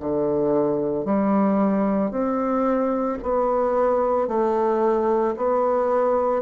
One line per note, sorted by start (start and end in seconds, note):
0.00 1.05 D3
1.05 2.11 G3
2.11 3.19 C4
3.23 4.28 B3
4.28 5.35 A3
5.37 6.42 B3